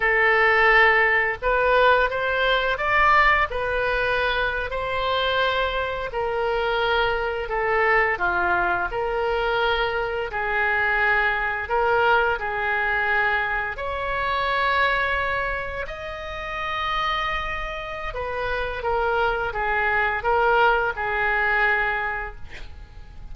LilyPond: \new Staff \with { instrumentName = "oboe" } { \time 4/4 \tempo 4 = 86 a'2 b'4 c''4 | d''4 b'4.~ b'16 c''4~ c''16~ | c''8. ais'2 a'4 f'16~ | f'8. ais'2 gis'4~ gis'16~ |
gis'8. ais'4 gis'2 cis''16~ | cis''2~ cis''8. dis''4~ dis''16~ | dis''2 b'4 ais'4 | gis'4 ais'4 gis'2 | }